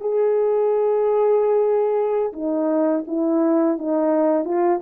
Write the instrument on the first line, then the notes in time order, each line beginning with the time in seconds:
horn
0.00 G#4
2.33 D#4
3.07 E4
3.78 D#4
4.44 F4